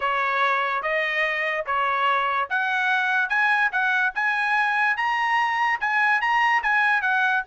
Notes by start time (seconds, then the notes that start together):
0.00 C#5
0.82 D#5
1.66 C#5
2.49 F#5
3.29 G#5
3.71 F#5
4.14 G#5
4.97 A#5
5.80 G#5
6.21 A#5
6.62 G#5
7.01 F#5